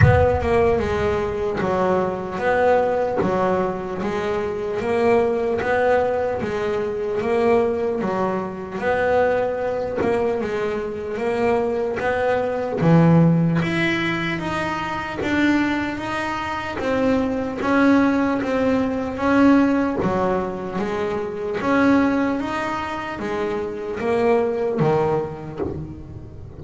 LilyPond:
\new Staff \with { instrumentName = "double bass" } { \time 4/4 \tempo 4 = 75 b8 ais8 gis4 fis4 b4 | fis4 gis4 ais4 b4 | gis4 ais4 fis4 b4~ | b8 ais8 gis4 ais4 b4 |
e4 e'4 dis'4 d'4 | dis'4 c'4 cis'4 c'4 | cis'4 fis4 gis4 cis'4 | dis'4 gis4 ais4 dis4 | }